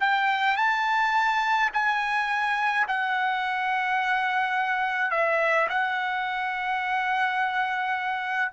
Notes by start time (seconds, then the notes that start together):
0.00 G5
0.56 A5
1.73 G#5
2.88 F#5
5.10 E5
5.69 F#5